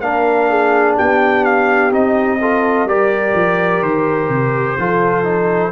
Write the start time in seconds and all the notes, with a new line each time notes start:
0.00 A#3 D4 A#4 F5
0.50 G#4
0.95 B3 G4 G5
1.44 F5
1.91 C4 D#4 D#5
2.41 F4 A4
2.85 G3 G4 A#4 D5
3.35 F3
3.81 D#3 C5
4.28 C3
4.78 F3 F4 A4
5.24 D#4